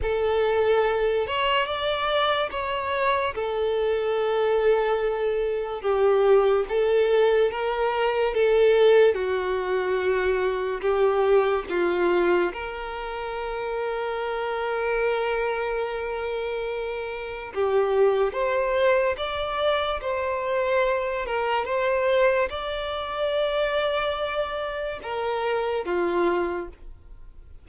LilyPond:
\new Staff \with { instrumentName = "violin" } { \time 4/4 \tempo 4 = 72 a'4. cis''8 d''4 cis''4 | a'2. g'4 | a'4 ais'4 a'4 fis'4~ | fis'4 g'4 f'4 ais'4~ |
ais'1~ | ais'4 g'4 c''4 d''4 | c''4. ais'8 c''4 d''4~ | d''2 ais'4 f'4 | }